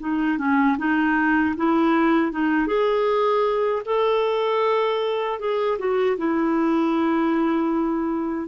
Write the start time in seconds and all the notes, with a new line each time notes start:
0.00 D#4
0.38 C#4
0.78 D#4
1.57 E4
2.32 D#4
2.67 G#4
3.86 A4
5.40 G#4
5.79 F#4
6.17 E4